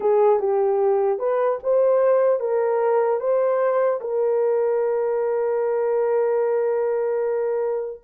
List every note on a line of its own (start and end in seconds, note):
0.00 0.39 G#4
0.39 1.18 G4
1.18 1.58 B4
1.63 2.39 C5
2.39 3.19 A#4
3.20 4.00 C5
4.00 8.00 A#4